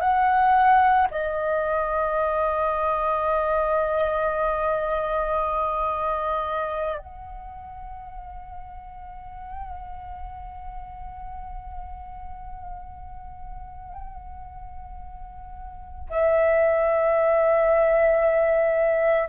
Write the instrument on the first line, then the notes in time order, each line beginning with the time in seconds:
flute
0.00 F#5
1.11 D#5
6.98 F#5
16.10 E5